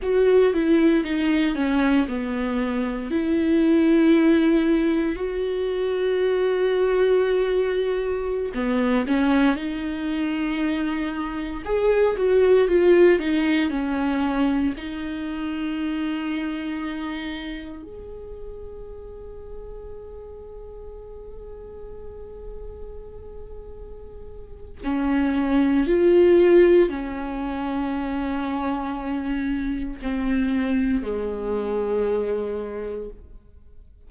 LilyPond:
\new Staff \with { instrumentName = "viola" } { \time 4/4 \tempo 4 = 58 fis'8 e'8 dis'8 cis'8 b4 e'4~ | e'4 fis'2.~ | fis'16 b8 cis'8 dis'2 gis'8 fis'16~ | fis'16 f'8 dis'8 cis'4 dis'4.~ dis'16~ |
dis'4~ dis'16 gis'2~ gis'8.~ | gis'1 | cis'4 f'4 cis'2~ | cis'4 c'4 gis2 | }